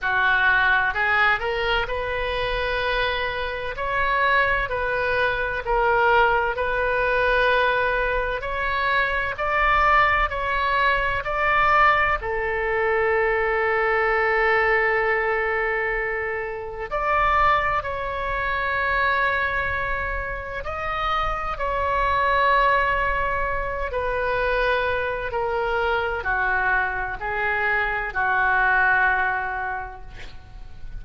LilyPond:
\new Staff \with { instrumentName = "oboe" } { \time 4/4 \tempo 4 = 64 fis'4 gis'8 ais'8 b'2 | cis''4 b'4 ais'4 b'4~ | b'4 cis''4 d''4 cis''4 | d''4 a'2.~ |
a'2 d''4 cis''4~ | cis''2 dis''4 cis''4~ | cis''4. b'4. ais'4 | fis'4 gis'4 fis'2 | }